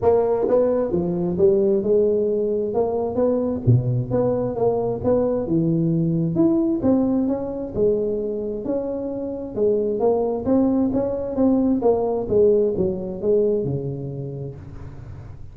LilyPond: \new Staff \with { instrumentName = "tuba" } { \time 4/4 \tempo 4 = 132 ais4 b4 f4 g4 | gis2 ais4 b4 | b,4 b4 ais4 b4 | e2 e'4 c'4 |
cis'4 gis2 cis'4~ | cis'4 gis4 ais4 c'4 | cis'4 c'4 ais4 gis4 | fis4 gis4 cis2 | }